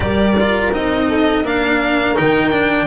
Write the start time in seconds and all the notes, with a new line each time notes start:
0.00 G3 G4 A#4 D5
0.40 F4
0.72 C4 D#4 D#5
1.08 A4
1.43 A#3 D4 A#4 F5
2.15 D#3 D#4 G5
2.51 D4